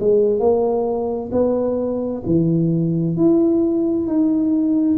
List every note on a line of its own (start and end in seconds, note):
0.00 0.40 G#3
0.40 1.31 A#3
1.32 2.23 B3
2.26 3.17 E3
3.17 4.07 E4
4.07 4.98 D#4